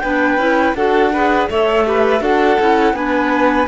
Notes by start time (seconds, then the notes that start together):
0.00 B3 D4 B4 G5
0.37 C#4 E4
0.75 D4 F#4 A4 F#5
1.12 G#4 B4
1.50 A3 A4 C#5 E5
1.86 G4 B4
2.20 D4 F#4 A4 F#5
2.60 C#4 E4
2.93 B3 D4 B4 G#5